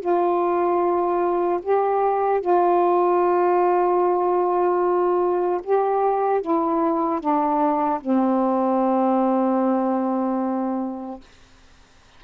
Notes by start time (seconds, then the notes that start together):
0.00 F4
1.62 G4
2.41 F4
5.63 G4
6.41 E4
7.20 D4
8.00 C4